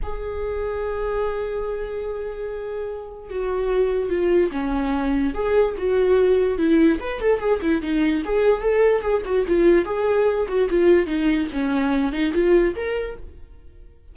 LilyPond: \new Staff \with { instrumentName = "viola" } { \time 4/4 \tempo 4 = 146 gis'1~ | gis'1 | fis'2 f'4 cis'4~ | cis'4 gis'4 fis'2 |
e'4 b'8 a'8 gis'8 e'8 dis'4 | gis'4 a'4 gis'8 fis'8 f'4 | gis'4. fis'8 f'4 dis'4 | cis'4. dis'8 f'4 ais'4 | }